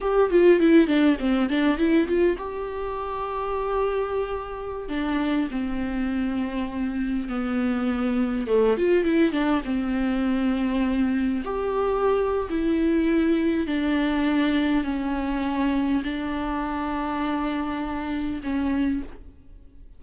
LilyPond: \new Staff \with { instrumentName = "viola" } { \time 4/4 \tempo 4 = 101 g'8 f'8 e'8 d'8 c'8 d'8 e'8 f'8 | g'1~ | g'16 d'4 c'2~ c'8.~ | c'16 b2 a8 f'8 e'8 d'16~ |
d'16 c'2. g'8.~ | g'4 e'2 d'4~ | d'4 cis'2 d'4~ | d'2. cis'4 | }